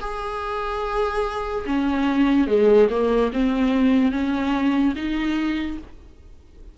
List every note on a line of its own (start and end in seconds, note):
0.00 1.64 G#4
1.66 2.47 C#4
2.47 2.88 G#3
2.90 3.31 A#3
3.33 4.11 C4
4.11 4.94 C#4
4.95 5.77 D#4